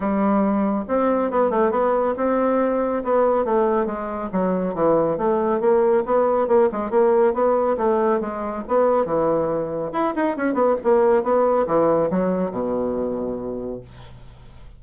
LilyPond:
\new Staff \with { instrumentName = "bassoon" } { \time 4/4 \tempo 4 = 139 g2 c'4 b8 a8 | b4 c'2 b4 | a4 gis4 fis4 e4 | a4 ais4 b4 ais8 gis8 |
ais4 b4 a4 gis4 | b4 e2 e'8 dis'8 | cis'8 b8 ais4 b4 e4 | fis4 b,2. | }